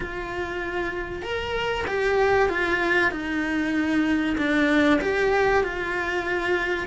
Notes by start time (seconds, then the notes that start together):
0.00 F4
1.22 A#4
1.87 G4
2.49 F4
3.11 D#4
4.37 D4
5.01 G4
5.63 F4